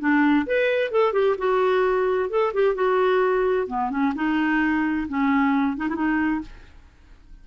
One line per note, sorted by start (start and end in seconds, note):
0.00 0.46 D4
0.47 0.91 B4
0.91 1.13 A4
1.13 1.36 G4
1.38 2.30 F#4
2.30 2.53 A4
2.54 2.75 G4
2.75 3.67 F#4
3.67 3.90 B3
3.90 4.13 C#4
4.15 5.07 D#4
5.09 5.77 C#4
5.77 5.88 D#4
5.89 6.41 D#4
5.89 5.95 E4